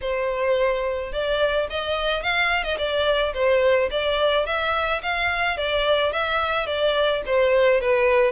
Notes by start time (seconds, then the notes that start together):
0.01 C5
1.12 D5
1.69 D#5
2.22 F5
2.63 D#5
2.78 D5
3.34 C5
3.90 D5
4.46 E5
5.02 F5
5.57 D5
6.12 E5
6.66 D5
7.26 C5
7.80 B4